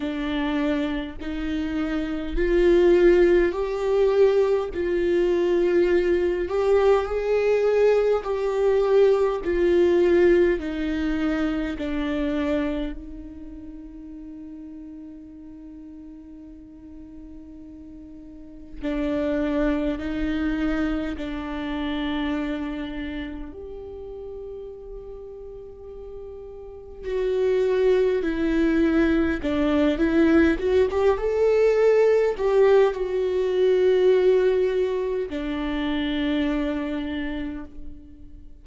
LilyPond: \new Staff \with { instrumentName = "viola" } { \time 4/4 \tempo 4 = 51 d'4 dis'4 f'4 g'4 | f'4. g'8 gis'4 g'4 | f'4 dis'4 d'4 dis'4~ | dis'1 |
d'4 dis'4 d'2 | g'2. fis'4 | e'4 d'8 e'8 fis'16 g'16 a'4 g'8 | fis'2 d'2 | }